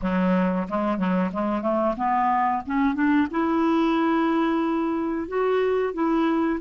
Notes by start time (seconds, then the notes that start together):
0.01 F#3
0.68 G#3
0.97 F#3
1.32 G#3
1.62 A3
1.97 B3
2.66 C#4
2.94 D4
3.30 E4
5.27 F#4
5.93 E4